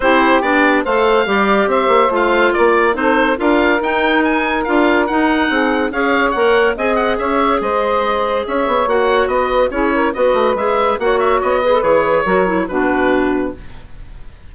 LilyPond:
<<
  \new Staff \with { instrumentName = "oboe" } { \time 4/4 \tempo 4 = 142 c''4 d''4 f''2 | e''4 f''4 d''4 c''4 | f''4 g''4 gis''4 f''4 | fis''2 f''4 fis''4 |
gis''8 fis''8 e''4 dis''2 | e''4 fis''4 dis''4 cis''4 | dis''4 e''4 fis''8 e''8 dis''4 | cis''2 b'2 | }
  \new Staff \with { instrumentName = "saxophone" } { \time 4/4 g'2 c''4 d''4 | c''2 ais'4 a'4 | ais'1~ | ais'4 gis'4 cis''2 |
dis''4 cis''4 c''2 | cis''2 b'4 gis'8 ais'8 | b'2 cis''4. b'8~ | b'4 ais'4 fis'2 | }
  \new Staff \with { instrumentName = "clarinet" } { \time 4/4 e'4 d'4 a'4 g'4~ | g'4 f'2 dis'4 | f'4 dis'2 f'4 | dis'2 gis'4 ais'4 |
gis'1~ | gis'4 fis'2 e'4 | fis'4 gis'4 fis'4. gis'16 a'16 | gis'4 fis'8 e'8 d'2 | }
  \new Staff \with { instrumentName = "bassoon" } { \time 4/4 c'4 b4 a4 g4 | c'8 ais8 a4 ais4 c'4 | d'4 dis'2 d'4 | dis'4 c'4 cis'4 ais4 |
c'4 cis'4 gis2 | cis'8 b8 ais4 b4 cis'4 | b8 a8 gis4 ais4 b4 | e4 fis4 b,2 | }
>>